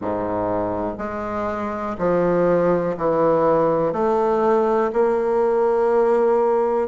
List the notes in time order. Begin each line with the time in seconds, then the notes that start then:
0.01 G#2
0.98 G#3
1.98 F3
2.97 E3
3.93 A3
4.92 A#3